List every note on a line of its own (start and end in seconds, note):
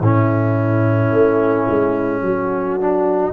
0.00 1.11 A2
0.00 2.81 C#4
0.00 2.22 E4
0.00 3.34 A4
1.11 1.67 A3
1.69 2.22 G#3
2.22 3.33 F#3
2.22 3.34 F#4
2.81 3.34 D4